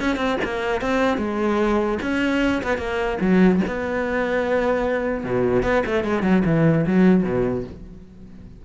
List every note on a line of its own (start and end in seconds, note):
0.00 0.16 C#4
0.16 0.36 C4
0.44 0.81 A#3
0.81 1.18 C4
1.18 1.98 G#3
2.02 2.62 C#4
2.63 2.78 B3
2.78 3.18 A#3
3.21 3.61 F#3
3.67 5.24 B3
5.24 5.63 B2
5.63 5.83 B3
5.86 6.04 A3
6.04 6.23 G#3
6.23 6.43 F#3
6.45 6.85 E3
6.86 7.23 F#3
7.23 7.64 B2